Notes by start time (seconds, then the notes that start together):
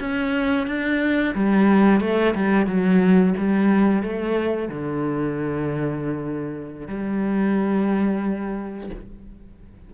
0.00 C#4
0.67 D4
1.35 G3
2.01 A3
2.35 G3
2.67 F#3
3.38 G3
4.03 A3
4.69 D3
6.88 G3